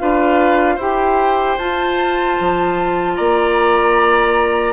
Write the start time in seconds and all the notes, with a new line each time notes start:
0.00 D4 F4 B4 F5
0.75 E4 G4 C5
0.82 G5
1.58 F4 A5
2.40 F3
3.16 A#3 D5 A#5